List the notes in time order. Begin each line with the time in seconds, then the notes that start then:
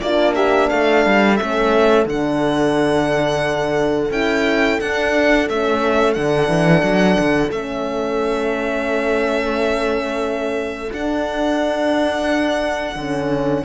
0.00 A#3 D4 F4 D5
0.35 G4 E5
0.69 A3 A4 F5
1.05 G3
1.37 A3 C#4 E5
2.06 D3 D4 F#5
4.11 C#4 E4 G5
4.79 D4 F#5
5.49 A3 C#4 E5
6.14 D3 D4 F#5
6.48 E3
6.83 F#3
7.19 D3
7.50 A3 C#4 E5
10.92 D4 F#5
12.96 D3 C#4